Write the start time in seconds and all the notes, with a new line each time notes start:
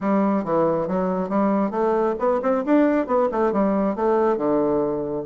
0.01 G3
0.44 E3
0.87 F#3
1.29 G3
1.70 A3
2.19 B3
2.42 C4
2.65 D4
3.07 B3
3.31 A3
3.52 G3
3.95 A3
4.37 D3